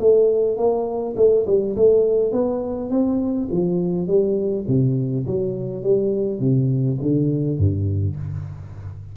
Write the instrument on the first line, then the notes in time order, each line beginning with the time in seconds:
tuba
0.00 A3
0.57 A#3
1.17 A3
1.47 G3
1.76 A3
2.32 B3
2.90 C4
3.51 F3
4.08 G3
4.68 C3
5.27 F#3
5.84 G3
6.40 C3
7.02 D3
7.58 G2